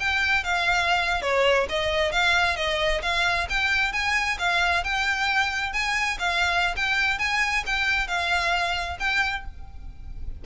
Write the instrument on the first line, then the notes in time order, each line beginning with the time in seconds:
violin
0.00 G5
0.44 F5
1.22 C#5
1.69 D#5
2.12 F5
2.57 D#5
3.02 F5
3.49 G5
3.93 G#5
4.39 F5
4.84 G5
5.73 G#5
6.19 F5
6.76 G5
7.19 G#5
7.66 G5
8.08 F5
9.00 G5